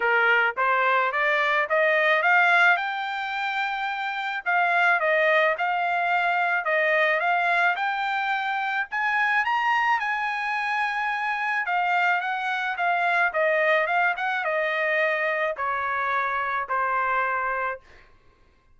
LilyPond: \new Staff \with { instrumentName = "trumpet" } { \time 4/4 \tempo 4 = 108 ais'4 c''4 d''4 dis''4 | f''4 g''2. | f''4 dis''4 f''2 | dis''4 f''4 g''2 |
gis''4 ais''4 gis''2~ | gis''4 f''4 fis''4 f''4 | dis''4 f''8 fis''8 dis''2 | cis''2 c''2 | }